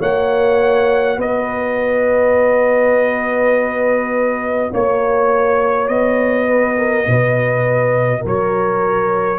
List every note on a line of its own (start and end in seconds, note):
0.00 1.17 A#3
0.00 9.39 F#4
0.00 1.18 C#5
0.00 1.20 F#5
1.17 4.70 B3
1.17 4.72 B4
1.17 4.74 D#5
4.72 5.89 A#3
4.72 6.48 C#5
4.72 5.88 C#5
5.88 7.07 B3
5.88 8.24 D#5
6.48 6.77 B4
6.78 7.07 A#4
7.07 8.25 B2
7.07 8.21 B4
8.21 9.39 F#3
8.21 9.39 A#4
8.21 9.39 C#5